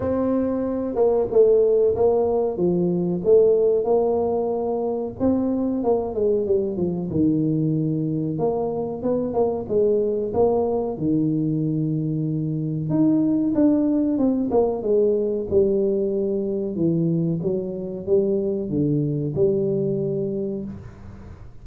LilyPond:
\new Staff \with { instrumentName = "tuba" } { \time 4/4 \tempo 4 = 93 c'4. ais8 a4 ais4 | f4 a4 ais2 | c'4 ais8 gis8 g8 f8 dis4~ | dis4 ais4 b8 ais8 gis4 |
ais4 dis2. | dis'4 d'4 c'8 ais8 gis4 | g2 e4 fis4 | g4 d4 g2 | }